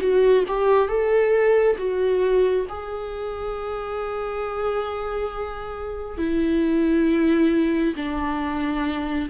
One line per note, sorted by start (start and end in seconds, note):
0.00 0.44 F#4
0.47 0.88 G4
0.88 1.76 A4
1.78 2.66 F#4
2.68 6.18 G#4
6.18 7.94 E4
7.96 9.28 D4